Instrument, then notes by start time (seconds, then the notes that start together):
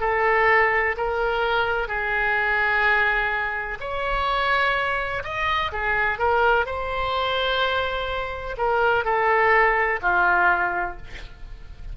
oboe
0.00 A4
0.97 A#4
1.87 G#4
3.80 C#5
5.23 D#5
5.72 G#4
6.19 A#4
6.66 C5
8.57 A#4
9.04 A4
10.02 F4